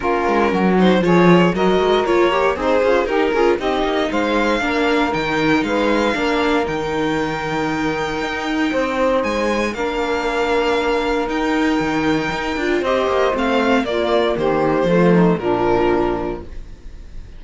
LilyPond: <<
  \new Staff \with { instrumentName = "violin" } { \time 4/4 \tempo 4 = 117 ais'4. c''8 cis''4 dis''4 | cis''4 c''4 ais'4 dis''4 | f''2 g''4 f''4~ | f''4 g''2.~ |
g''2 gis''4 f''4~ | f''2 g''2~ | g''4 dis''4 f''4 d''4 | c''2 ais'2 | }
  \new Staff \with { instrumentName = "saxophone" } { \time 4/4 f'4 fis'4 gis'4 ais'4~ | ais'4 dis'8 f'8 g'8 gis'8 g'4 | c''4 ais'2 b'4 | ais'1~ |
ais'4 c''2 ais'4~ | ais'1~ | ais'4 c''2 f'4 | g'4 f'8 dis'8 d'2 | }
  \new Staff \with { instrumentName = "viola" } { \time 4/4 cis'4. dis'8 f'4 fis'4 | f'8 g'8 gis'4 dis'8 f'8 dis'4~ | dis'4 d'4 dis'2 | d'4 dis'2.~ |
dis'2. d'4~ | d'2 dis'2~ | dis'8 f'8 g'4 c'4 ais4~ | ais4 a4 f2 | }
  \new Staff \with { instrumentName = "cello" } { \time 4/4 ais8 gis8 fis4 f4 fis8 gis8 | ais4 c'8 cis'8 dis'8 cis'8 c'8 ais8 | gis4 ais4 dis4 gis4 | ais4 dis2. |
dis'4 c'4 gis4 ais4~ | ais2 dis'4 dis4 | dis'8 d'8 c'8 ais8 a4 ais4 | dis4 f4 ais,2 | }
>>